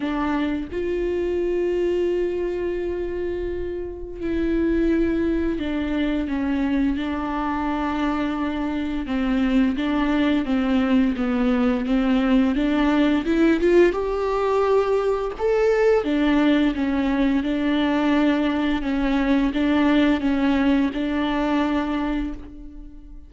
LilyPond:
\new Staff \with { instrumentName = "viola" } { \time 4/4 \tempo 4 = 86 d'4 f'2.~ | f'2 e'2 | d'4 cis'4 d'2~ | d'4 c'4 d'4 c'4 |
b4 c'4 d'4 e'8 f'8 | g'2 a'4 d'4 | cis'4 d'2 cis'4 | d'4 cis'4 d'2 | }